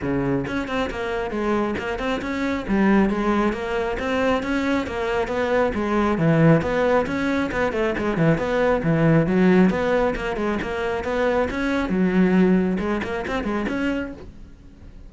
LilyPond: \new Staff \with { instrumentName = "cello" } { \time 4/4 \tempo 4 = 136 cis4 cis'8 c'8 ais4 gis4 | ais8 c'8 cis'4 g4 gis4 | ais4 c'4 cis'4 ais4 | b4 gis4 e4 b4 |
cis'4 b8 a8 gis8 e8 b4 | e4 fis4 b4 ais8 gis8 | ais4 b4 cis'4 fis4~ | fis4 gis8 ais8 c'8 gis8 cis'4 | }